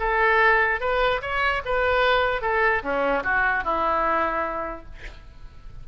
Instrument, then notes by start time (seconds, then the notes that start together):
oboe
0.00 A4
0.81 B4
1.22 C#5
1.66 B4
2.42 A4
2.83 C#4
3.24 F#4
3.64 E4